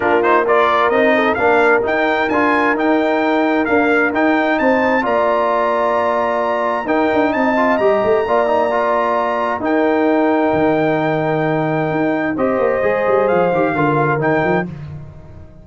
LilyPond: <<
  \new Staff \with { instrumentName = "trumpet" } { \time 4/4 \tempo 4 = 131 ais'8 c''8 d''4 dis''4 f''4 | g''4 gis''4 g''2 | f''4 g''4 a''4 ais''4~ | ais''2. g''4 |
a''4 ais''2.~ | ais''4 g''2.~ | g''2. dis''4~ | dis''4 f''2 g''4 | }
  \new Staff \with { instrumentName = "horn" } { \time 4/4 f'4 ais'4. a'8 ais'4~ | ais'1~ | ais'2 c''4 d''4~ | d''2. ais'4 |
dis''2 d''2~ | d''4 ais'2.~ | ais'2. c''4~ | c''2 ais'2 | }
  \new Staff \with { instrumentName = "trombone" } { \time 4/4 d'8 dis'8 f'4 dis'4 d'4 | dis'4 f'4 dis'2 | ais4 dis'2 f'4~ | f'2. dis'4~ |
dis'8 f'8 g'4 f'8 dis'8 f'4~ | f'4 dis'2.~ | dis'2. g'4 | gis'4. g'8 f'4 dis'4 | }
  \new Staff \with { instrumentName = "tuba" } { \time 4/4 ais2 c'4 ais4 | dis'4 d'4 dis'2 | d'4 dis'4 c'4 ais4~ | ais2. dis'8 d'8 |
c'4 g8 a8 ais2~ | ais4 dis'2 dis4~ | dis2 dis'4 c'8 ais8 | gis8 g8 f8 dis8 d4 dis8 f8 | }
>>